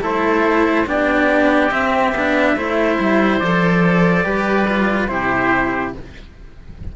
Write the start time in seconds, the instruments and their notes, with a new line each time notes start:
0.00 cello A3 E4, oboe A4, trumpet C5
0.86 cello B3 D4, oboe G4, trumpet D5
1.71 cello C4, trumpet E5
2.11 cello B3 D4
2.55 cello A3 E4, oboe C5
2.99 cello G3
3.38 cello F3 A4, trumpet D5
4.23 cello G3 G4, oboe B4
4.67 cello F4
5.08 cello C3 E4, oboe G4, trumpet C5